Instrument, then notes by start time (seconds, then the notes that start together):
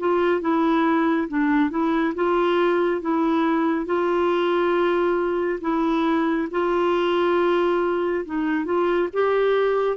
clarinet
0.00 F4
0.41 E4
1.28 D4
1.71 E4
2.15 F4
3.02 E4
3.86 F4
5.62 E4
6.51 F4
8.26 D#4
8.65 F4
9.13 G4